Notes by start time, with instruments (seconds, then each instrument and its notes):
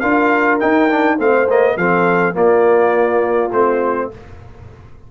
0.00 tuba D4, trombone F4, horn A#4, trumpet F5
0.60 trombone D#4, tuba D#4, trumpet G5
0.89 trombone D4
1.18 tuba A3, trombone C4, horn C5, trumpet F5
1.49 trombone A#3, trumpet D#5
1.77 tuba F3, trombone C4, horn A4, trumpet F5
2.34 trombone A#3, tuba A#3, horn F4, trumpet D5
3.52 tuba A3, trombone C4, trumpet C5